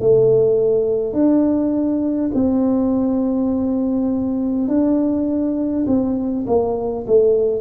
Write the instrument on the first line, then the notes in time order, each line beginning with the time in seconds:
tuba
0.00 A3
1.13 D4
2.34 C4
4.68 D4
5.87 C4
6.47 A#3
7.07 A3